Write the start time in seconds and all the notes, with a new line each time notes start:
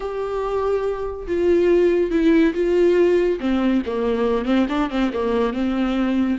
0.00 G4
1.27 F4
2.10 E4
2.54 F4
3.40 C4
3.85 A#3
4.45 C4
4.68 D4
4.89 C4
5.13 A#3
5.53 C4